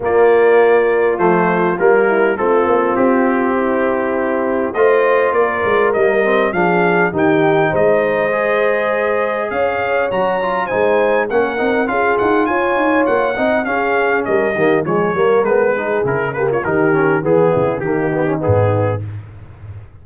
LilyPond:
<<
  \new Staff \with { instrumentName = "trumpet" } { \time 4/4 \tempo 4 = 101 d''2 c''4 ais'4 | a'4 g'2. | dis''4 d''4 dis''4 f''4 | g''4 dis''2. |
f''4 ais''4 gis''4 fis''4 | f''8 fis''8 gis''4 fis''4 f''4 | dis''4 cis''4 b'4 ais'8 b'16 cis''16 | ais'4 gis'4 g'4 gis'4 | }
  \new Staff \with { instrumentName = "horn" } { \time 4/4 f'2.~ f'8 e'8 | f'2 e'2 | c''4 ais'2 gis'4 | g'4 c''2. |
cis''2 c''4 ais'4 | gis'4 cis''4. dis''8 gis'4 | ais'8 g'8 gis'8 ais'4 gis'4 g'16 f'16 | g'4 gis'8 e'8 dis'2 | }
  \new Staff \with { instrumentName = "trombone" } { \time 4/4 ais2 a4 ais4 | c'1 | f'2 ais8 c'8 d'4 | dis'2 gis'2~ |
gis'4 fis'8 f'8 dis'4 cis'8 dis'8 | f'2~ f'8 dis'8 cis'4~ | cis'8 ais8 gis8 ais8 b8 dis'8 e'8 ais8 | dis'8 cis'8 b4 ais8 b16 cis'16 b4 | }
  \new Staff \with { instrumentName = "tuba" } { \time 4/4 ais2 f4 g4 | a8 ais8 c'2. | a4 ais8 gis8 g4 f4 | dis4 gis2. |
cis'4 fis4 gis4 ais8 c'8 | cis'8 dis'8 f'8 dis'8 ais8 c'8 cis'4 | g8 dis8 f8 g8 gis4 cis4 | dis4 e8 cis8 dis4 gis,4 | }
>>